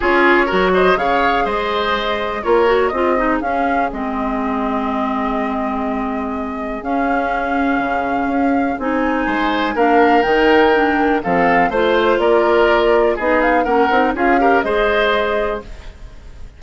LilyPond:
<<
  \new Staff \with { instrumentName = "flute" } { \time 4/4 \tempo 4 = 123 cis''4. dis''8 f''4 dis''4~ | dis''4 cis''4 dis''4 f''4 | dis''1~ | dis''2 f''2~ |
f''2 gis''2 | f''4 g''2 f''4 | c''4 d''2 dis''8 f''8 | fis''4 f''4 dis''2 | }
  \new Staff \with { instrumentName = "oboe" } { \time 4/4 gis'4 ais'8 c''8 cis''4 c''4~ | c''4 ais'4 gis'2~ | gis'1~ | gis'1~ |
gis'2. c''4 | ais'2. a'4 | c''4 ais'2 gis'4 | ais'4 gis'8 ais'8 c''2 | }
  \new Staff \with { instrumentName = "clarinet" } { \time 4/4 f'4 fis'4 gis'2~ | gis'4 f'8 fis'8 f'8 dis'8 cis'4 | c'1~ | c'2 cis'2~ |
cis'2 dis'2 | d'4 dis'4 d'4 c'4 | f'2. dis'4 | cis'8 dis'8 f'8 g'8 gis'2 | }
  \new Staff \with { instrumentName = "bassoon" } { \time 4/4 cis'4 fis4 cis4 gis4~ | gis4 ais4 c'4 cis'4 | gis1~ | gis2 cis'2 |
cis4 cis'4 c'4 gis4 | ais4 dis2 f4 | a4 ais2 b4 | ais8 c'8 cis'4 gis2 | }
>>